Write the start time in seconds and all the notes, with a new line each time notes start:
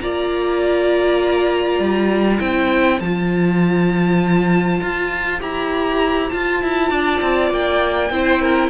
0.00 A#3 F4 D5 A#5
1.79 G3
2.39 C4 E4 C5 G5
3.00 F3 A5
3.06 F4
4.81 F4
5.40 E4 G4 A#5
6.29 F4 A5
6.63 E4
6.90 D4 D5
7.21 C4
7.50 A#3 G5
8.10 C4 E4 C5
8.42 A#4